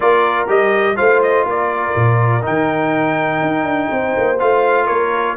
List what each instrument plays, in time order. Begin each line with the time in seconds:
0.00 tuba A#3, trombone F4, horn A#4, trumpet D5
0.47 tuba G3, trombone G4, trumpet D#5
0.96 tuba A3, trombone F4, horn C5, trumpet F5
1.22 trumpet D#5
1.45 tuba A#3, horn A#4, trumpet D5
1.95 tuba A#2
2.41 trombone D#4, trumpet G5
2.48 tuba D#3
3.41 tuba D#4
3.63 tuba D4
3.90 tuba C4, horn C5
4.17 tuba A#3
4.39 tuba A3, trombone F4, trumpet F5
4.86 tuba A#3, horn A#4, trumpet C#5